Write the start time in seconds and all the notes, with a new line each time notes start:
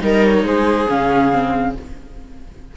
0.00 G3 D#4 A#4 D#5
0.25 C#5
0.43 G#3 G#4 C5
0.88 C#3 C#4 F5
1.32 C4